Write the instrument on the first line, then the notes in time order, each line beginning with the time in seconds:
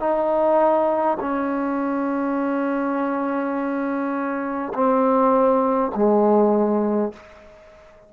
trombone
0.00 D#4
1.20 C#4
4.74 C4
5.95 G#3